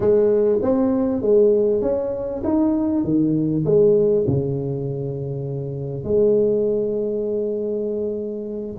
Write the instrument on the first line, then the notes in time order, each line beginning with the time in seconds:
tuba
0.00 G#3
0.62 C4
1.21 G#3
1.81 C#4
2.44 D#4
3.04 D#3
3.65 G#3
4.27 C#3
6.03 G#3